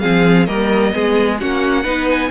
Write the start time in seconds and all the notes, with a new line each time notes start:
0.00 F3 C4 G#4 F5
0.45 G3 A#3 A#4 D#5
0.91 G#3 B3 G#4
1.40 A#3 C#4 F#4 F#5
1.83 B3 D#4 B4
2.10 G#5